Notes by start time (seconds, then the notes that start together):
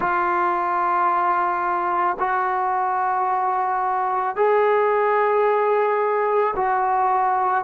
0.00 F4
2.19 F#4
4.36 G#4
6.56 F#4